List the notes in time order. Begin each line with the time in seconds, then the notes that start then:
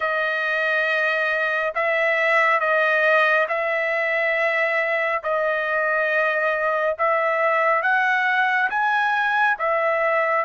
0.00 D#5
1.74 E5
2.59 D#5
3.48 E5
5.23 D#5
6.98 E5
7.82 F#5
8.70 G#5
9.58 E5